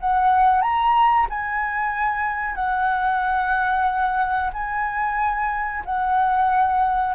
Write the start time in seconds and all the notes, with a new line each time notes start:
0.00 F#5
0.62 A#5
1.30 G#5
2.55 F#5
4.53 G#5
5.85 F#5